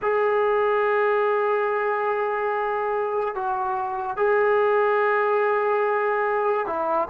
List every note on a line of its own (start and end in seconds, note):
0.02 3.34 G#4
3.34 4.16 F#4
4.16 6.66 G#4
6.66 7.08 E4